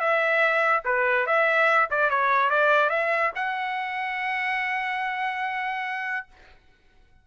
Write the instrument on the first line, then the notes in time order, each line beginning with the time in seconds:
trumpet
0.00 E5
0.85 B4
1.26 E5
1.90 D5
2.10 C#5
2.50 D5
2.90 E5
3.35 F#5